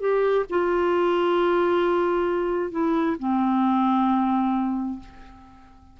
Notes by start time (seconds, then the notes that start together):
0.00 G4
0.49 F4
2.71 E4
3.19 C4